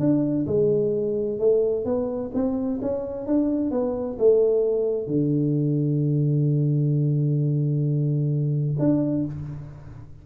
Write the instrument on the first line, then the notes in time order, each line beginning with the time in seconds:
tuba
0.00 D4
0.47 G#3
1.39 A3
1.85 B3
2.34 C4
2.82 C#4
3.27 D4
3.71 B3
4.19 A3
5.07 D3
8.79 D4